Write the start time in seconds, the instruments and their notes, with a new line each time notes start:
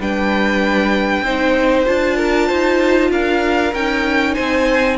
0.00 cello G3, viola D4, violin B4 G5
1.21 cello C4, viola D#4, violin C5
1.86 cello D4, viola F4, violin A5
2.16 violin A#4
2.47 cello D#4, violin C5
3.10 cello D4, violin A#4 F5
3.73 cello C#4, viola D#4, violin G5
4.34 cello C4, violin C5 G#5